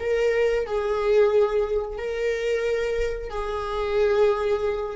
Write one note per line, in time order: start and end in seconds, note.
0.00 0.67 A#4
0.67 1.98 G#4
1.98 3.30 A#4
3.30 4.97 G#4